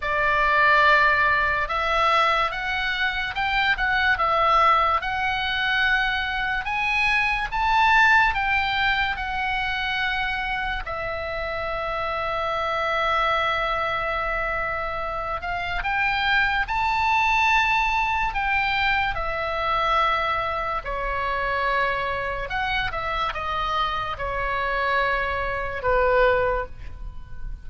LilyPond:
\new Staff \with { instrumentName = "oboe" } { \time 4/4 \tempo 4 = 72 d''2 e''4 fis''4 | g''8 fis''8 e''4 fis''2 | gis''4 a''4 g''4 fis''4~ | fis''4 e''2.~ |
e''2~ e''8 f''8 g''4 | a''2 g''4 e''4~ | e''4 cis''2 fis''8 e''8 | dis''4 cis''2 b'4 | }